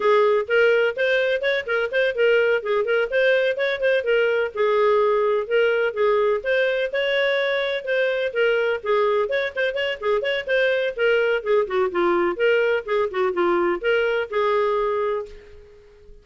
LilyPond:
\new Staff \with { instrumentName = "clarinet" } { \time 4/4 \tempo 4 = 126 gis'4 ais'4 c''4 cis''8 ais'8 | c''8 ais'4 gis'8 ais'8 c''4 cis''8 | c''8 ais'4 gis'2 ais'8~ | ais'8 gis'4 c''4 cis''4.~ |
cis''8 c''4 ais'4 gis'4 cis''8 | c''8 cis''8 gis'8 cis''8 c''4 ais'4 | gis'8 fis'8 f'4 ais'4 gis'8 fis'8 | f'4 ais'4 gis'2 | }